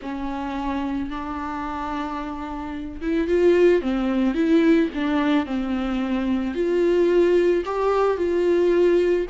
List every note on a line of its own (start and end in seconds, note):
0.01 1.09 C#4
1.09 3.00 D4
3.01 3.27 E4
3.27 3.81 F4
3.81 4.34 C4
4.34 4.89 E4
4.94 5.45 D4
5.45 6.54 C4
6.54 7.63 F4
7.65 8.17 G4
8.17 9.26 F4